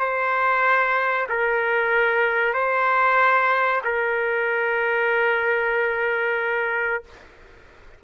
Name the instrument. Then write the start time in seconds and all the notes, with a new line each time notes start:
trumpet
0.00 C5
1.29 A#4
2.54 C5
3.84 A#4